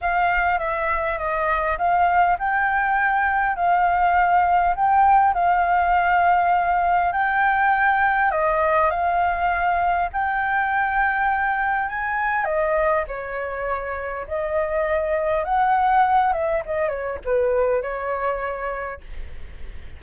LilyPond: \new Staff \with { instrumentName = "flute" } { \time 4/4 \tempo 4 = 101 f''4 e''4 dis''4 f''4 | g''2 f''2 | g''4 f''2. | g''2 dis''4 f''4~ |
f''4 g''2. | gis''4 dis''4 cis''2 | dis''2 fis''4. e''8 | dis''8 cis''8 b'4 cis''2 | }